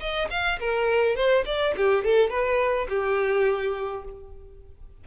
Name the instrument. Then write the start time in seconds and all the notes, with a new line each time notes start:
violin
0.00 D#5
0.30 F5
0.60 A#4
1.16 C5
1.46 D5
1.77 G4
2.05 A4
2.30 B4
2.89 G4